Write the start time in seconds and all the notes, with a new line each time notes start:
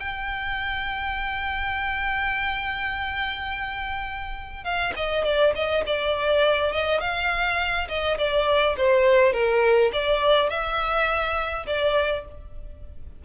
0.00 G5
4.64 F5
4.96 D#5
5.25 D5
5.56 D#5
5.87 D5
6.73 D#5
7.01 F5
7.89 D#5
8.18 D5
8.77 C5
9.33 A#4
9.93 D5
10.50 E5
11.67 D5